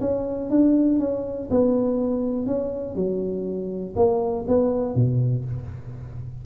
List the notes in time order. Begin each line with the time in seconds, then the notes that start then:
0.00 C#4
0.50 D4
0.99 C#4
1.50 B3
2.46 C#4
2.95 F#3
3.96 A#3
4.47 B3
4.95 B2